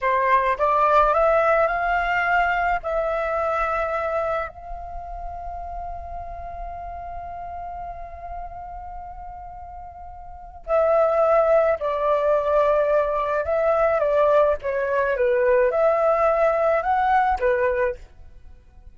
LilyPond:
\new Staff \with { instrumentName = "flute" } { \time 4/4 \tempo 4 = 107 c''4 d''4 e''4 f''4~ | f''4 e''2. | f''1~ | f''1~ |
f''2. e''4~ | e''4 d''2. | e''4 d''4 cis''4 b'4 | e''2 fis''4 b'4 | }